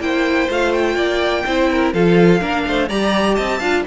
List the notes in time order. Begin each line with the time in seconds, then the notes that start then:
0.00 A#3 E4 C5 G5
0.48 A3 F4 F5
0.73 G5
0.95 A#3 D5
1.45 C4 E4 C5
1.71 A#4
1.93 F3 F4 A4 F5
2.40 A#3 D4 A#4
2.67 A3 C5
2.89 G3 G4 D5 A#5
3.34 C4 D#5 A5
3.59 D4 F4 F5